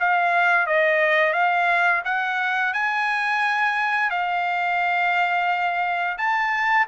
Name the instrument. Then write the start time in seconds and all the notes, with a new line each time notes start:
trumpet
0.00 F5
0.67 D#5
1.33 F5
2.05 F#5
2.74 G#5
4.10 F5
6.18 A5